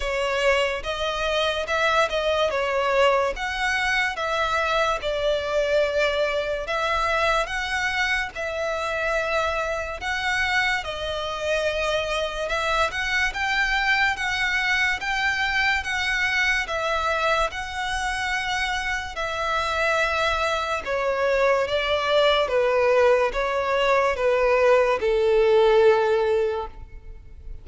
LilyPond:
\new Staff \with { instrumentName = "violin" } { \time 4/4 \tempo 4 = 72 cis''4 dis''4 e''8 dis''8 cis''4 | fis''4 e''4 d''2 | e''4 fis''4 e''2 | fis''4 dis''2 e''8 fis''8 |
g''4 fis''4 g''4 fis''4 | e''4 fis''2 e''4~ | e''4 cis''4 d''4 b'4 | cis''4 b'4 a'2 | }